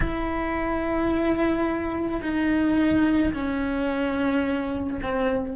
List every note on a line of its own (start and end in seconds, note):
0.00 2.20 E4
2.22 3.33 D#4
3.33 5.00 C#4
5.02 5.56 C4